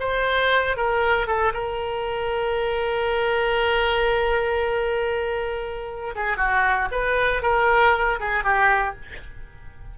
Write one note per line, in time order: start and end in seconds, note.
0.00 0.77 C5
0.77 1.27 A#4
1.27 1.53 A4
1.54 6.15 A#4
6.16 6.37 G#4
6.37 6.89 F#4
6.91 7.42 B4
7.42 8.19 A#4
8.20 8.44 G#4
8.44 8.95 G4